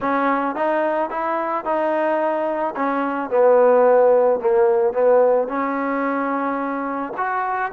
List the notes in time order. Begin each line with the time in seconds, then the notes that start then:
0.01 C#4
0.55 D#4
1.09 E4
1.64 D#4
2.75 C#4
3.30 B3
4.39 A#3
4.93 B3
5.48 C#4
7.17 F#4